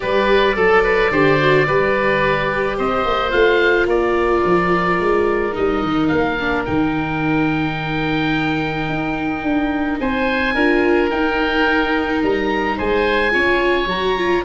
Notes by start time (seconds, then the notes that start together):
0.00 G3 G4 B4 D5
0.56 F#3 A4
0.83 B4
1.11 D3 G4 C5
1.38 F#4
1.67 G3 G4 B4
2.77 C4 C5 D#5
3.04 A#3
3.29 A3 F4 F5
3.85 A#3 A#4 D5
4.44 F3
4.99 G#3
5.52 G3 D#4 D#5
5.82 D#3
6.07 A#3 F5
6.40 D4
6.65 D#3 D#4 G5
8.88 D#4
9.43 D4
10.00 C4 C5 G#5
10.54 D4 F4 A#4
11.10 D#4 G5
12.22 G3 A#5
12.77 G#3 C5 G#5
13.30 C#4 F4 C#5
13.86 F#3 F#4 A#5
14.17 F4